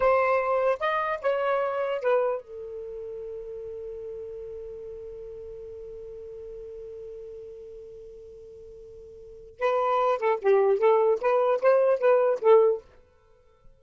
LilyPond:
\new Staff \with { instrumentName = "saxophone" } { \time 4/4 \tempo 4 = 150 c''2 dis''4 cis''4~ | cis''4 b'4 a'2~ | a'1~ | a'1~ |
a'1~ | a'1 | b'4. a'8 g'4 a'4 | b'4 c''4 b'4 a'4 | }